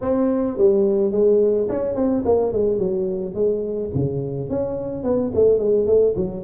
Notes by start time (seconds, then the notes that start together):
0.01 C4
0.57 G3
1.11 G#3
1.69 C#4
1.95 C4
2.25 A#3
2.52 G#3
2.78 F#3
3.34 G#3
3.94 C#3
4.49 C#4
5.03 B3
5.34 A3
5.58 G#3
5.86 A3
6.16 F#3